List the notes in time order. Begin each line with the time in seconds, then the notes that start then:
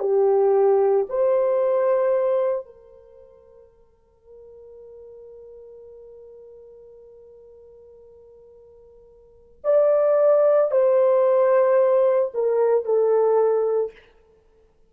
0.00 G4
1.10 C5
2.66 A#4
9.64 D5
10.72 C5
12.34 A#4
12.85 A4